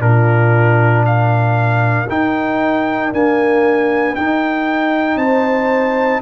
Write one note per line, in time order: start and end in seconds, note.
0.00 2.07 A#2
0.00 2.07 D4
0.00 1.08 F4
0.00 1.05 A#4
1.06 5.19 A#4
1.06 2.09 F5
2.08 3.12 D#4
2.08 3.13 D#4
2.08 3.13 G5
3.12 4.17 A#3
3.12 4.16 D4
3.12 4.16 G#5
4.16 6.22 D#4
4.16 5.16 D#4
4.16 5.18 G5
5.16 6.20 C4
5.16 6.22 C5
5.16 6.22 A5